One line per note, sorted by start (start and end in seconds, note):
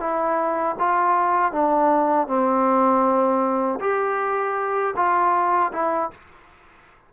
0.00 0.76 E4
0.79 1.53 F4
1.53 2.28 D4
2.28 3.79 C4
3.80 4.94 G4
4.96 5.72 F4
5.73 6.11 E4